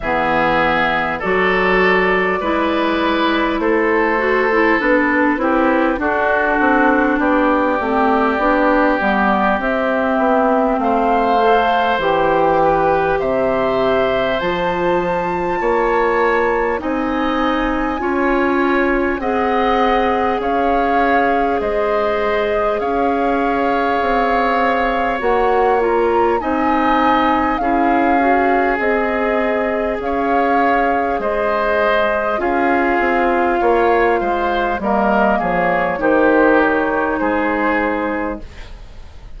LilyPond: <<
  \new Staff \with { instrumentName = "flute" } { \time 4/4 \tempo 4 = 50 e''4 d''2 c''4 | b'4 a'4 d''2 | e''4 f''4 g''4 e''4 | a''2 gis''2 |
fis''4 f''4 dis''4 f''4~ | f''4 fis''8 ais''8 gis''4 f''4 | dis''4 f''4 dis''4 f''4~ | f''4 dis''8 cis''8 c''8 cis''8 c''4 | }
  \new Staff \with { instrumentName = "oboe" } { \time 4/4 gis'4 a'4 b'4 a'4~ | a'8 g'8 fis'4 g'2~ | g'4 c''4. b'8 c''4~ | c''4 cis''4 dis''4 cis''4 |
dis''4 cis''4 c''4 cis''4~ | cis''2 dis''4 gis'4~ | gis'4 cis''4 c''4 gis'4 | cis''8 c''8 ais'8 gis'8 g'4 gis'4 | }
  \new Staff \with { instrumentName = "clarinet" } { \time 4/4 b4 fis'4 e'4. fis'16 e'16 | d'8 e'8 d'4. c'8 d'8 b8 | c'4. a'8 g'2 | f'2 dis'4 f'4 |
gis'1~ | gis'4 fis'8 f'8 dis'4 e'8 fis'8 | gis'2. f'4~ | f'4 ais4 dis'2 | }
  \new Staff \with { instrumentName = "bassoon" } { \time 4/4 e4 fis4 gis4 a4 | b8 c'8 d'8 c'8 b8 a8 b8 g8 | c'8 b8 a4 e4 c4 | f4 ais4 c'4 cis'4 |
c'4 cis'4 gis4 cis'4 | c'4 ais4 c'4 cis'4 | c'4 cis'4 gis4 cis'8 c'8 | ais8 gis8 g8 f8 dis4 gis4 | }
>>